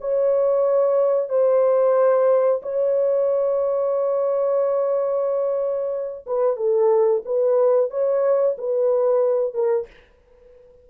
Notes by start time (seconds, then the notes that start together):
0.00 C#5
1.29 C5
2.62 C#5
6.26 B4
6.56 A4
7.25 B4
7.90 C#5
8.58 B4
9.54 A#4